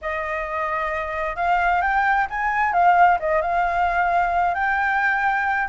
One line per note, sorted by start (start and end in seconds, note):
0.01 1.36 D#5
1.36 1.81 F5
1.81 2.27 G5
2.30 2.73 G#5
2.73 3.18 F5
3.19 3.41 D#5
3.41 4.54 F5
4.54 5.68 G5